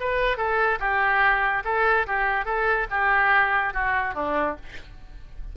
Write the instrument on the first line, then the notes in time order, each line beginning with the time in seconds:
oboe
0.00 B4
0.37 A4
0.80 G4
1.65 A4
2.07 G4
2.45 A4
2.90 G4
3.74 F#4
4.14 D4